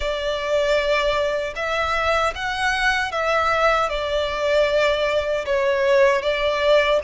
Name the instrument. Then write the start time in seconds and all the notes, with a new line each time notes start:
violin
0.00 D5
1.55 E5
2.35 F#5
3.11 E5
3.89 D5
5.45 C#5
6.22 D5